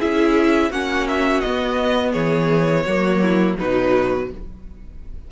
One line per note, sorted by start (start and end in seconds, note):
0.00 0.71 C#4
0.00 0.72 E4
0.00 0.70 G#4
0.00 0.72 E5
0.70 1.42 A#3
0.70 1.44 C#4
0.70 2.12 F#4
0.70 1.08 F#5
1.08 1.41 E5
1.41 2.88 B3
1.41 2.15 B3
1.41 2.12 D#5
2.12 2.86 E3
2.12 2.84 G#4
2.12 3.56 C#5
2.86 3.58 F#3
2.86 3.60 A#3
2.86 3.21 F#4
3.22 3.58 E4
3.59 4.32 B2
3.59 4.31 F#3
3.59 4.30 D#4
3.59 4.31 B4